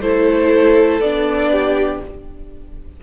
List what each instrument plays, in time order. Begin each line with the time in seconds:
0.00 cello A3, viola E4, violin A4 C5
0.99 cello B3, viola D4, violin D5
1.50 violin G4